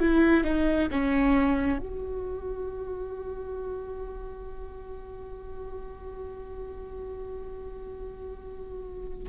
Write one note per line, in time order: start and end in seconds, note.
0.00 0.44 E4
0.44 0.88 D#4
0.91 1.79 C#4
1.79 9.29 F#4